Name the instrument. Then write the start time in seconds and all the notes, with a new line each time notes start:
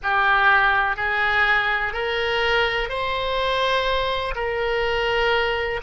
oboe
0.02 G4
0.96 G#4
1.93 A#4
2.89 C5
4.35 A#4